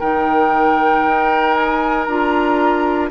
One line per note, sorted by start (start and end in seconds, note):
0.00 1.06 D#3
0.00 2.08 D#4
0.00 3.10 A#4
0.00 1.55 G5
1.06 2.08 D#4
1.55 2.04 G#5
2.04 3.11 D4
2.04 3.11 F4
2.04 3.07 A#5